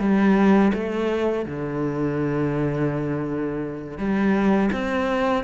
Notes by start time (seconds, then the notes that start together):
0.00 G3
0.74 A3
1.46 D3
3.98 G3
4.73 C4